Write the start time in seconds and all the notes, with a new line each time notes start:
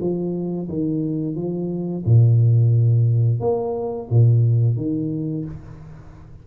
0.00 F3
0.68 D#3
1.35 F3
2.05 A#2
3.40 A#3
4.10 A#2
4.77 D#3